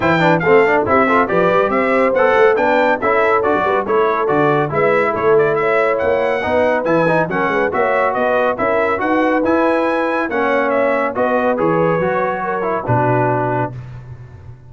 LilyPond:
<<
  \new Staff \with { instrumentName = "trumpet" } { \time 4/4 \tempo 4 = 140 g''4 f''4 e''4 d''4 | e''4 fis''4 g''4 e''4 | d''4 cis''4 d''4 e''4 | cis''8 d''8 e''4 fis''2 |
gis''4 fis''4 e''4 dis''4 | e''4 fis''4 gis''2 | fis''4 e''4 dis''4 cis''4~ | cis''2 b'2 | }
  \new Staff \with { instrumentName = "horn" } { \time 4/4 c''8 b'8 a'4 g'8 a'8 b'4 | c''2 b'4 a'4~ | a'8 b'8 a'2 b'4 | a'4 cis''2 b'4~ |
b'4 ais'8 b'8 cis''4 b'4 | ais'4 b'2. | cis''2 b'2~ | b'4 ais'4 fis'2 | }
  \new Staff \with { instrumentName = "trombone" } { \time 4/4 e'8 d'8 c'8 d'8 e'8 f'8 g'4~ | g'4 a'4 d'4 e'4 | fis'4 e'4 fis'4 e'4~ | e'2. dis'4 |
e'8 dis'8 cis'4 fis'2 | e'4 fis'4 e'2 | cis'2 fis'4 gis'4 | fis'4. e'8 d'2 | }
  \new Staff \with { instrumentName = "tuba" } { \time 4/4 e4 a4 c'4 f8 g8 | c'4 b8 a8 b4 cis'4 | d'16 fis16 g8 a4 d4 gis4 | a2 ais4 b4 |
e4 fis8 gis8 ais4 b4 | cis'4 dis'4 e'2 | ais2 b4 e4 | fis2 b,2 | }
>>